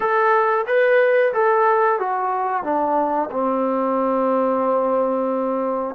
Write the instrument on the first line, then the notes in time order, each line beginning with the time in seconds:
trombone
0.00 A4
0.67 B4
1.33 A4
1.99 F#4
2.63 D4
3.31 C4